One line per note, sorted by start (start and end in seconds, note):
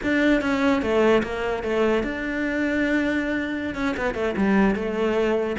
0.03 0.41 D4
0.41 0.81 C#4
0.81 1.22 A3
1.23 1.63 A#3
1.63 2.03 A3
2.03 3.75 D4
3.75 3.95 C#4
3.96 4.14 B3
4.14 4.34 A3
4.36 4.75 G3
4.75 5.56 A3